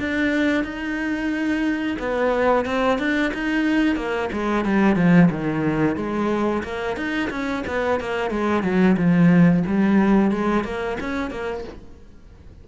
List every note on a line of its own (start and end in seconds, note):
0.00 0.64 D4
0.64 1.97 D#4
1.99 2.66 B3
2.66 2.99 C4
2.99 3.32 D4
3.34 3.96 D#4
3.96 4.30 A#3
4.33 4.65 G#3
4.65 4.96 G3
4.96 5.30 F3
5.31 5.97 D#3
5.97 6.63 G#3
6.64 6.97 A#3
6.97 7.30 D#4
7.31 7.64 C#4
7.67 8.00 B3
8.00 8.31 A#3
8.31 8.63 G#3
8.63 8.97 F#3
8.97 9.64 F3
9.67 10.32 G3
10.32 10.65 G#3
10.65 10.98 A#3
11.00 11.31 C#4
11.31 11.65 A#3